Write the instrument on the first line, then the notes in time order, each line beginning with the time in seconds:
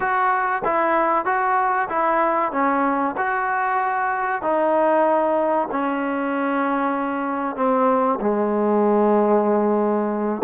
trombone
0.00 F#4
0.64 E4
1.25 F#4
1.89 E4
2.51 C#4
3.17 F#4
4.42 D#4
5.71 C#4
7.56 C4
8.20 G#3